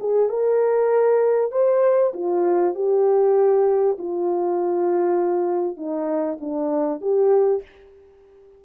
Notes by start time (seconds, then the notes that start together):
0.00 G#4
0.29 A#4
1.52 C5
2.13 F4
2.75 G4
3.99 F4
5.77 D#4
6.41 D4
7.01 G4